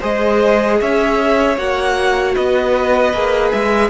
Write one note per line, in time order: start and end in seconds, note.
0.00 0.81 G#3
0.00 1.57 G#4
0.00 0.78 C5
0.00 0.81 D#5
0.81 1.57 C#4
0.81 2.35 C#5
0.81 1.58 E5
1.57 2.35 A#3
1.57 3.13 F#4
1.57 2.35 F#5
2.35 3.13 B3
2.35 3.90 B4
2.35 3.51 D#5
3.13 3.52 A#3
3.13 3.90 G#4
3.51 3.90 G#3
3.51 3.90 E5